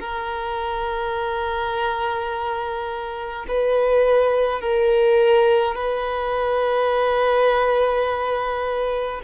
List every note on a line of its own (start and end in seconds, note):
0.00 3.46 A#4
3.48 4.62 B4
4.62 5.75 A#4
5.75 9.22 B4